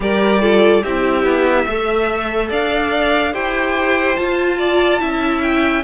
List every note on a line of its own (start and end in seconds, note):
0.00 0.83 G3
0.00 0.41 G4
0.00 0.41 A#4
0.00 0.83 D5
0.41 0.83 F4
0.41 0.81 A4
0.81 1.23 C4
0.81 1.68 E4
0.81 1.65 G4
0.81 2.49 E5
1.23 1.65 B3
1.65 2.50 A3
1.65 3.33 A4
1.65 2.48 E5
2.49 3.34 D4
2.49 3.32 D5
2.49 3.34 F5
3.32 4.17 E4
3.32 4.16 G4
3.32 4.57 C5
3.32 4.16 G5
4.16 4.99 F4
4.16 5.02 F4
4.16 5.41 A5
4.57 4.99 D5
4.99 5.84 C#4
4.99 5.82 E4
4.99 5.84 E5
5.41 5.83 G5